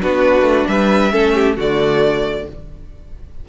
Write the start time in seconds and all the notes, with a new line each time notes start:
0.00 B3 D4 F#4 B4
0.42 A3
0.67 G3 B4 E5
1.11 A3 C#4 A4
1.35 G4
1.56 D3 A3 F#4 D5